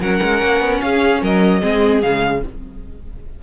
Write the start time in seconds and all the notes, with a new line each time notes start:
0.00 F#3 C#4 A#4 F#5
0.22 G#3
0.42 A#3
0.60 B3
0.81 C#4 G#4 F5
1.22 F#3 A#4 D#5
1.60 G#3 C4 G#4
2.02 C#3 G#3 F5